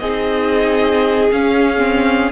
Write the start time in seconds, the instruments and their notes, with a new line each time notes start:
0.00 cello C4, viola D#4, violin G#4 D#5
1.32 cello C#4, viola C#4, violin F5
1.78 viola C4